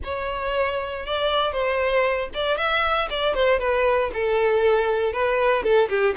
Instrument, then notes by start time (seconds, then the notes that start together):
violin
0.04 C#5
1.06 D5
1.52 C5
2.34 D5
2.57 E5
3.10 D5
3.34 C5
3.59 B4
4.13 A4
5.13 B4
5.63 A4
5.89 G4